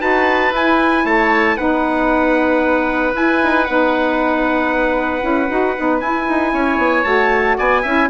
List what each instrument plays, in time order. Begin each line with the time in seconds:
0.00 bassoon D#4, saxophone F#4, oboe B4, trumpet A5
0.52 bassoon E4, saxophone E4, trumpet G#5
1.05 bassoon A3, oboe C#5, trumpet A5
1.57 bassoon B3, saxophone D#4, oboe B4, trumpet F#5
3.14 saxophone E4, bassoon E4, trumpet G#5
3.44 bassoon D#4
3.65 bassoon B3, saxophone D#4, trumpet F#5
5.21 bassoon C#4, saxophone E4
5.49 bassoon D#4, saxophone F#4
5.77 bassoon B3, saxophone D#4
6.00 bassoon E4, saxophone E4, trumpet G#5
6.28 bassoon D#4
6.53 bassoon C#4, oboe C#5
6.78 bassoon B3
7.04 bassoon A3, saxophone F#4, trumpet A5
7.58 bassoon B3, oboe D5, trumpet G#5
7.82 bassoon C#4, saxophone E4, oboe E5